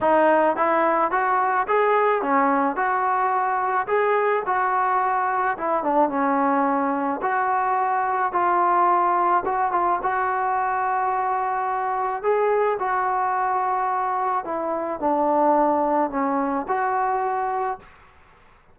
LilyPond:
\new Staff \with { instrumentName = "trombone" } { \time 4/4 \tempo 4 = 108 dis'4 e'4 fis'4 gis'4 | cis'4 fis'2 gis'4 | fis'2 e'8 d'8 cis'4~ | cis'4 fis'2 f'4~ |
f'4 fis'8 f'8 fis'2~ | fis'2 gis'4 fis'4~ | fis'2 e'4 d'4~ | d'4 cis'4 fis'2 | }